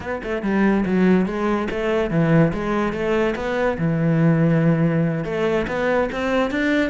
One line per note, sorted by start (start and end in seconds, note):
0.00 0.21 B3
0.23 0.42 A3
0.42 0.84 G3
0.85 1.26 F#3
1.26 1.68 G#3
1.70 2.10 A3
2.10 2.52 E3
2.53 2.93 G#3
2.93 3.35 A3
3.35 3.77 B3
3.78 5.24 E3
5.24 5.66 A3
5.67 6.09 B3
6.11 6.50 C4
6.50 6.89 D4